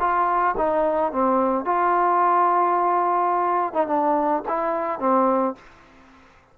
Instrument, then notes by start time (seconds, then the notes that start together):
trombone
0.00 F4
0.58 D#4
1.13 C4
1.65 F4
3.74 D#4
3.87 D4
4.49 E4
5.00 C4